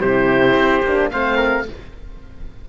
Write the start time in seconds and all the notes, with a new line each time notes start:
0.00 C3 E4 G4 C5
0.54 C4
0.83 A#3 D4
1.10 A3 C4 C5 F5
1.37 A#4